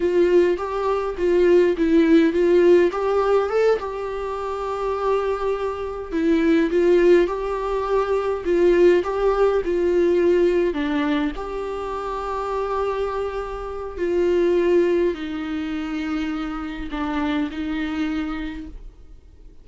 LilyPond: \new Staff \with { instrumentName = "viola" } { \time 4/4 \tempo 4 = 103 f'4 g'4 f'4 e'4 | f'4 g'4 a'8 g'4.~ | g'2~ g'8 e'4 f'8~ | f'8 g'2 f'4 g'8~ |
g'8 f'2 d'4 g'8~ | g'1 | f'2 dis'2~ | dis'4 d'4 dis'2 | }